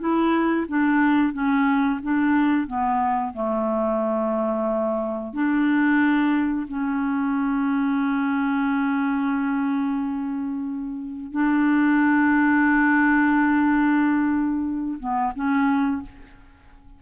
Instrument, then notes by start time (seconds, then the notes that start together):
clarinet
0.00 E4
0.69 D4
1.33 C#4
2.03 D4
2.67 B3
3.34 A3
5.34 D4
6.68 C#4
11.32 D4
15.00 B3
15.36 C#4